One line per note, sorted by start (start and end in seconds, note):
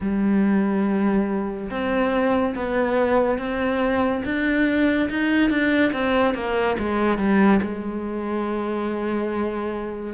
0.00 1.69 G3
1.70 2.54 C4
2.55 3.38 B3
3.38 4.23 C4
4.24 5.09 D4
5.09 5.49 D#4
5.49 5.92 D4
5.92 6.34 C4
6.34 6.76 A#3
6.78 7.18 G#3
7.18 7.60 G3
7.61 10.13 G#3